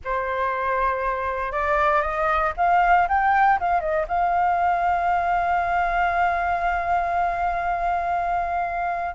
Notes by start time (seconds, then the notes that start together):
0.04 C5
1.52 D5
2.01 D#5
2.57 F5
3.08 G5
3.59 F5
3.80 D#5
4.07 F5